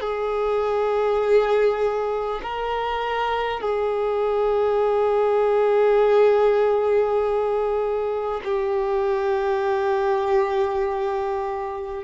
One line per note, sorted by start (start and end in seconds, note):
0.00 2.40 G#4
2.43 3.61 A#4
3.61 8.41 G#4
8.44 12.04 G4